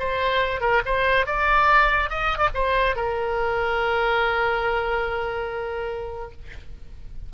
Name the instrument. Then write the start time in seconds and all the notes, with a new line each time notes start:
oboe
0.00 C5
0.61 A#4
0.86 C5
1.26 D5
2.10 D#5
2.39 D5
2.55 C5
2.96 A#4